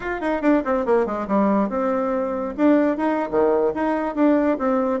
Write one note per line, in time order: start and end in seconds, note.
0.00 0.20 F4
0.20 0.41 D#4
0.41 0.62 D4
0.64 0.85 C4
0.85 1.05 A#3
1.05 1.27 G#3
1.27 1.69 G3
1.69 2.54 C4
2.57 2.97 D4
2.97 3.29 D#4
3.30 3.73 D#3
3.74 4.15 D#4
4.15 4.57 D4
4.58 5.00 C4